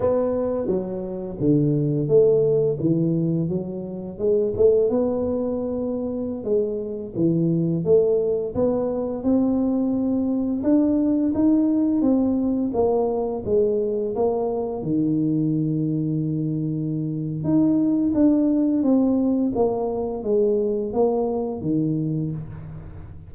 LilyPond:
\new Staff \with { instrumentName = "tuba" } { \time 4/4 \tempo 4 = 86 b4 fis4 d4 a4 | e4 fis4 gis8 a8 b4~ | b4~ b16 gis4 e4 a8.~ | a16 b4 c'2 d'8.~ |
d'16 dis'4 c'4 ais4 gis8.~ | gis16 ais4 dis2~ dis8.~ | dis4 dis'4 d'4 c'4 | ais4 gis4 ais4 dis4 | }